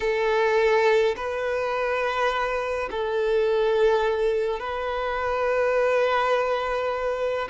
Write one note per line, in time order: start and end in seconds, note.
0.00 1.15 A4
1.16 2.89 B4
2.91 4.59 A4
4.59 7.48 B4